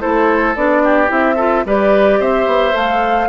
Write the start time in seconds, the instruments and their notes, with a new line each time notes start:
0.00 bassoon A3, clarinet E4, oboe A4, flute C5
0.55 bassoon B3, clarinet D4, flute D5
0.83 oboe G4
1.07 bassoon C4, clarinet E4, flute E5
1.35 clarinet F4, oboe A4
1.65 bassoon G3, clarinet G4, oboe B4, flute D5
2.19 bassoon C4, oboe C5, flute E5
2.46 bassoon B3
2.72 bassoon A3, clarinet A4, flute F5